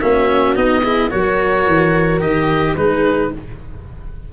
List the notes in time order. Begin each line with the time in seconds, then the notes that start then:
0.00 A#3 C#4 F#4 E5
0.55 B3 D#4 D#5
0.82 E4 G#4
1.09 F#3 F#4 A#4 C#5
1.67 E3
2.21 D#3 G4 D#5
2.76 G#3 D#4 G#4 B4